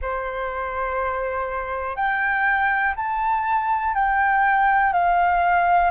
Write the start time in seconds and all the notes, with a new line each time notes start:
0.01 C5
1.95 G5
2.96 A5
3.94 G5
4.92 F5